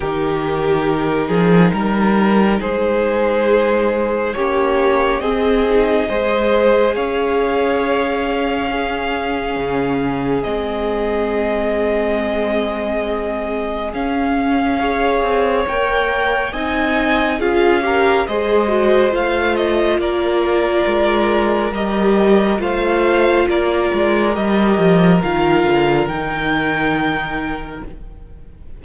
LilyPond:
<<
  \new Staff \with { instrumentName = "violin" } { \time 4/4 \tempo 4 = 69 ais'2. c''4~ | c''4 cis''4 dis''2 | f''1 | dis''1 |
f''2 g''4 gis''4 | f''4 dis''4 f''8 dis''8 d''4~ | d''4 dis''4 f''4 d''4 | dis''4 f''4 g''2 | }
  \new Staff \with { instrumentName = "violin" } { \time 4/4 g'4. gis'8 ais'4 gis'4~ | gis'4 g'4 gis'4 c''4 | cis''2 gis'2~ | gis'1~ |
gis'4 cis''2 dis''4 | gis'8 ais'8 c''2 ais'4~ | ais'2 c''4 ais'4~ | ais'1 | }
  \new Staff \with { instrumentName = "viola" } { \time 4/4 dis'1~ | dis'4 cis'4 c'8 dis'8 gis'4~ | gis'2 cis'2 | c'1 |
cis'4 gis'4 ais'4 dis'4 | f'8 g'8 gis'8 fis'8 f'2~ | f'4 g'4 f'2 | g'4 f'4 dis'2 | }
  \new Staff \with { instrumentName = "cello" } { \time 4/4 dis4. f8 g4 gis4~ | gis4 ais4 c'4 gis4 | cis'2. cis4 | gis1 |
cis'4. c'8 ais4 c'4 | cis'4 gis4 a4 ais4 | gis4 g4 a4 ais8 gis8 | g8 f8 dis8 d8 dis2 | }
>>